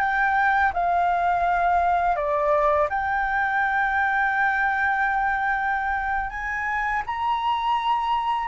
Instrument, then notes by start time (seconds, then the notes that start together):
flute
0.00 G5
0.74 F5
2.16 D5
2.89 G5
6.31 G#5
7.06 A#5